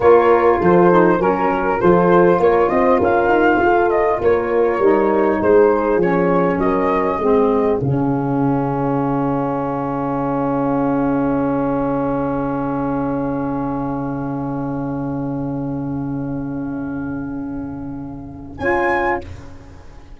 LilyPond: <<
  \new Staff \with { instrumentName = "flute" } { \time 4/4 \tempo 4 = 100 cis''4 c''4 ais'4 c''4 | cis''8 dis''8 f''4. dis''8 cis''4~ | cis''4 c''4 cis''4 dis''4~ | dis''4 f''2.~ |
f''1~ | f''1~ | f''1~ | f''2. gis''4 | }
  \new Staff \with { instrumentName = "horn" } { \time 4/4 ais'4 a'4 ais'4 a'4 | ais'8 c''8 ais'4 a'4 ais'4~ | ais'4 gis'2 ais'4 | gis'1~ |
gis'1~ | gis'1~ | gis'1~ | gis'1 | }
  \new Staff \with { instrumentName = "saxophone" } { \time 4/4 f'4. dis'8 cis'4 f'4~ | f'1 | dis'2 cis'2 | c'4 cis'2.~ |
cis'1~ | cis'1~ | cis'1~ | cis'2. f'4 | }
  \new Staff \with { instrumentName = "tuba" } { \time 4/4 ais4 f4 fis4 f4 | ais8 c'8 cis'8 dis'8 f'4 ais4 | g4 gis4 f4 fis4 | gis4 cis2.~ |
cis1~ | cis1~ | cis1~ | cis2. cis'4 | }
>>